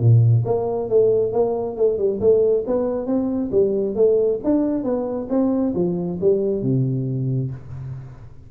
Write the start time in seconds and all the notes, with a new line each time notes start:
0.00 A#2
0.46 A#3
0.90 A3
1.33 A#3
1.77 A3
1.98 G3
2.21 A3
2.68 B3
3.07 C4
3.52 G3
3.96 A3
4.44 D4
4.84 B3
5.30 C4
5.75 F3
6.21 G3
6.63 C3